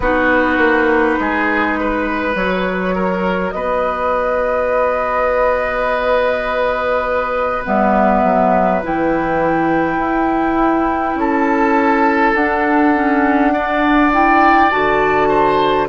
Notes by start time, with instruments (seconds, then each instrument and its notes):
0.00 bassoon B3, clarinet D#4, oboe F#4, flute B4
0.57 bassoon A#3
1.19 bassoon G#3, oboe G#4
1.80 oboe B4
2.33 bassoon F#3, clarinet F#4, flute C#5
2.95 oboe A#4
3.50 bassoon B3, oboe B4, flute D#5
7.63 bassoon G3, clarinet B3, flute E5
8.24 bassoon F#3
8.83 bassoon E3, clarinet E4, flute G5
9.98 bassoon E4
11.15 bassoon C#4, oboe A4, flute A5
12.35 bassoon D4, clarinet D4, flute F#5
12.94 clarinet C#4
13.53 clarinet D4, oboe D5
14.11 clarinet E4, flute G5
14.70 bassoon D3, clarinet F#4, flute A5
15.28 oboe C5